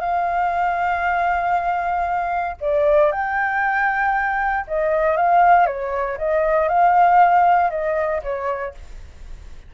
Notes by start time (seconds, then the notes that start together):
0.00 F5
2.60 D5
3.12 G5
4.67 D#5
5.16 F5
5.66 C#5
6.18 D#5
6.68 F5
7.70 D#5
8.23 C#5